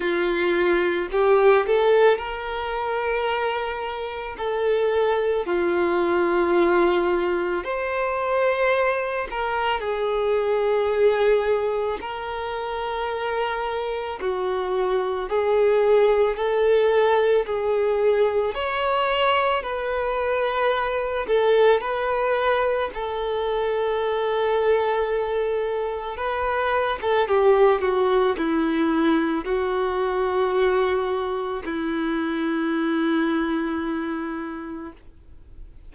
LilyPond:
\new Staff \with { instrumentName = "violin" } { \time 4/4 \tempo 4 = 55 f'4 g'8 a'8 ais'2 | a'4 f'2 c''4~ | c''8 ais'8 gis'2 ais'4~ | ais'4 fis'4 gis'4 a'4 |
gis'4 cis''4 b'4. a'8 | b'4 a'2. | b'8. a'16 g'8 fis'8 e'4 fis'4~ | fis'4 e'2. | }